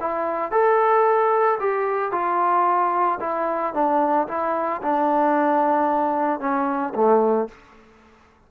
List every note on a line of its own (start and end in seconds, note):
0.00 0.51 E4
0.51 1.58 A4
1.60 2.12 G4
2.12 3.19 F4
3.20 3.74 E4
3.74 4.27 D4
4.28 4.81 E4
4.82 6.40 D4
6.40 6.93 C#4
6.94 7.48 A3